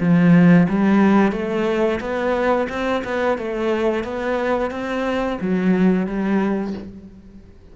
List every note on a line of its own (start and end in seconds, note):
0.00 0.67 F3
0.69 1.32 G3
1.32 2.00 A3
2.00 2.68 B3
2.69 3.03 C4
3.05 3.38 B3
3.38 4.04 A3
4.04 4.71 B3
4.71 5.38 C4
5.41 6.06 F#3
6.06 6.74 G3